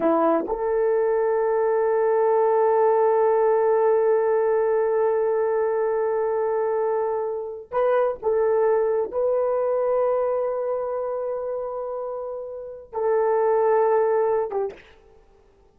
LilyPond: \new Staff \with { instrumentName = "horn" } { \time 4/4 \tempo 4 = 130 e'4 a'2.~ | a'1~ | a'1~ | a'1~ |
a'8. b'4 a'2 b'16~ | b'1~ | b'1 | a'2.~ a'8 g'8 | }